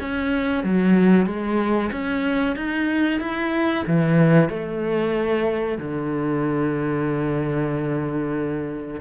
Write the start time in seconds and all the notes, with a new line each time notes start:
0.00 C#4
0.64 F#3
1.26 G#3
1.92 C#4
2.56 D#4
3.20 E4
3.87 E3
4.49 A3
5.78 D3